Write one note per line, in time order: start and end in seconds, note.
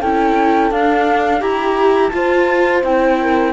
0.00 0.71 C#4
0.00 0.73 E4
0.00 1.40 A4
0.00 0.72 G5
0.71 1.41 D4
0.71 1.42 F5
1.40 2.12 E4
1.40 2.11 G4
1.40 2.09 A#5
2.09 2.82 F4
2.09 2.84 F4
2.09 2.79 A5
2.15 3.21 C5
2.84 3.53 C4
2.84 3.53 E4
2.84 3.53 G5
3.22 3.53 A#4